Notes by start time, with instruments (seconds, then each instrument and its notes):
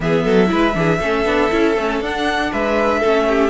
0.00 cello E3, viola B3, violin G#4 E5
0.24 cello F#3, violin A4
0.47 cello G#3, viola E4, violin B4
0.74 cello E3, viola D4, violin G#4
0.99 cello A3, viola C#4, violin A4
1.25 cello B3, viola D4
1.50 cello C#4, viola E4
1.77 cello A3, viola C#4
2.00 cello D4, viola D4, violin F#5
2.52 cello G#3, violin B4 E5
2.99 cello A3, viola C#4, violin A4
3.28 violin G4